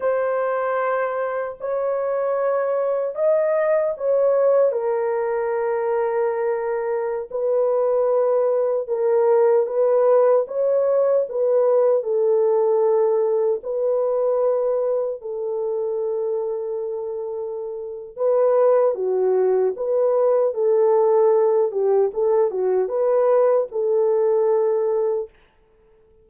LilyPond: \new Staff \with { instrumentName = "horn" } { \time 4/4 \tempo 4 = 76 c''2 cis''2 | dis''4 cis''4 ais'2~ | ais'4~ ais'16 b'2 ais'8.~ | ais'16 b'4 cis''4 b'4 a'8.~ |
a'4~ a'16 b'2 a'8.~ | a'2. b'4 | fis'4 b'4 a'4. g'8 | a'8 fis'8 b'4 a'2 | }